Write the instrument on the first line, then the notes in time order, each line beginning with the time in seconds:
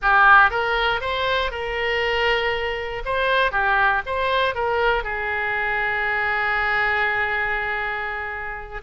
oboe
0.02 G4
0.50 A#4
1.00 C5
1.51 A#4
3.05 C5
3.51 G4
4.06 C5
4.54 A#4
5.03 G#4